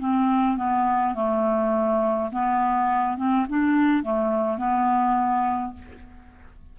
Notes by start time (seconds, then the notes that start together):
0.00 C4
0.57 B3
1.15 A3
2.32 B3
3.17 C4
3.49 D4
4.04 A3
4.58 B3